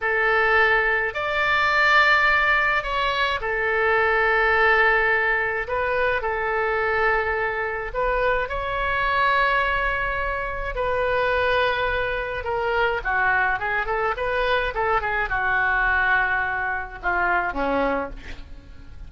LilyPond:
\new Staff \with { instrumentName = "oboe" } { \time 4/4 \tempo 4 = 106 a'2 d''2~ | d''4 cis''4 a'2~ | a'2 b'4 a'4~ | a'2 b'4 cis''4~ |
cis''2. b'4~ | b'2 ais'4 fis'4 | gis'8 a'8 b'4 a'8 gis'8 fis'4~ | fis'2 f'4 cis'4 | }